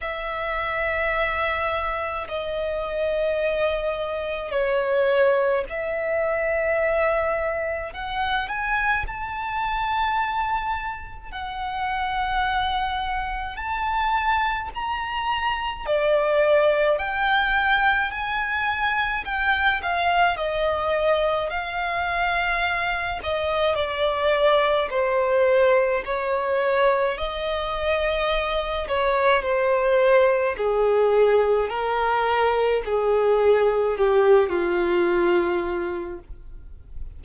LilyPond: \new Staff \with { instrumentName = "violin" } { \time 4/4 \tempo 4 = 53 e''2 dis''2 | cis''4 e''2 fis''8 gis''8 | a''2 fis''2 | a''4 ais''4 d''4 g''4 |
gis''4 g''8 f''8 dis''4 f''4~ | f''8 dis''8 d''4 c''4 cis''4 | dis''4. cis''8 c''4 gis'4 | ais'4 gis'4 g'8 f'4. | }